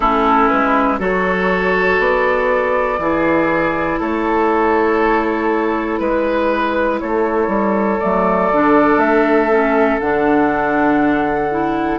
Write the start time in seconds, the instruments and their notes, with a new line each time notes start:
0.00 bassoon A3, clarinet C#4, oboe E4, flute A4
0.48 bassoon G#3, flute B4
0.98 bassoon F#3, clarinet F#4, oboe A4, flute C#5
1.99 bassoon B3, flute D5
2.98 bassoon E3, clarinet E4, oboe G#4
3.99 bassoon A3, oboe A4, flute C#5
5.99 bassoon G#3, flute B4, oboe B4
6.99 bassoon A3, oboe A4, flute C#5
7.47 bassoon G3
7.99 bassoon F#3, clarinet A3, flute D5
8.51 bassoon D3, clarinet D4
8.96 bassoon A3, flute E5
9.50 clarinet C#4
10.00 bassoon D3, clarinet D4, flute F#5
11.50 clarinet E4